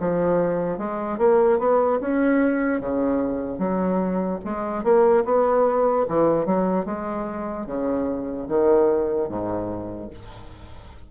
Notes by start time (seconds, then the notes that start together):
0.00 F3
0.79 G#3
1.18 A#3
1.59 B3
2.01 C#4
2.80 C#3
3.59 F#3
4.45 G#3
4.84 A#3
5.25 B3
6.09 E3
6.46 F#3
6.86 G#3
7.67 C#3
8.48 D#3
9.29 G#2